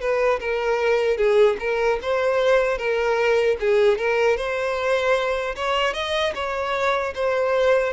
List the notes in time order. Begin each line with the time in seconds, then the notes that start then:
0.00 B4
0.40 A#4
1.17 G#4
1.59 A#4
2.02 C5
2.77 A#4
3.60 G#4
3.98 A#4
4.36 C5
5.55 C#5
5.93 D#5
6.34 C#5
7.14 C5